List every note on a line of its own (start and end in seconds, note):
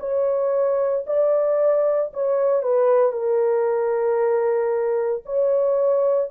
0.00 1.05 C#5
1.07 2.12 D5
2.13 2.63 C#5
2.63 3.12 B4
3.12 5.23 A#4
5.26 6.31 C#5